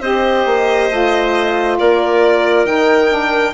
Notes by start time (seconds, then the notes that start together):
0.00 C4 G4 C5 D#5
0.45 A#3
0.90 A3 F4
1.78 A#3 A#4 D5
2.64 D#3 D#4 G5
3.08 D4